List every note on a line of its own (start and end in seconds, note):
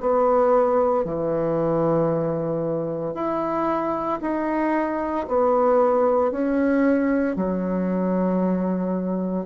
0.00 1.05 B3
1.05 3.14 E3
3.14 4.20 E4
4.22 5.27 D#4
5.28 6.32 B3
6.32 7.36 C#4
7.36 9.46 F#3